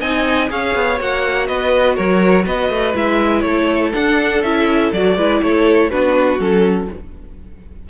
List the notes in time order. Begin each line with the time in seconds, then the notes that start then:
0.00 C4 D#4 D#5 G#5
0.48 C#4 G#4 C#5 F5
0.75 B3
0.98 A#3 F#4 F#5
1.47 B3 B4 D#5
1.95 F#3 A#4 C#5
2.45 B3 B4 D#5
2.69 A3
2.94 G#3 E4 E5
3.41 A3 A4 C#5
3.93 D4 F#5
4.42 C#4 E4 E5
4.92 F#3 F#4 D5
5.16 G#3 E4 B4
5.42 A3 A4 C#5
5.90 B3 D4 F#4 B4
6.39 F#3 C#4 A4